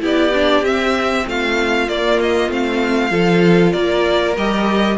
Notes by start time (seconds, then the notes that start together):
0.00 B3 E4 G4 D5
0.33 D4
0.62 C4 E5
1.26 A3 F4 F5
1.88 A#3 D5
2.20 D#5
2.48 A3 C4 F5
3.10 F3 F4 A4
3.72 A#3 A#4 D5
4.36 G3 G4 D#5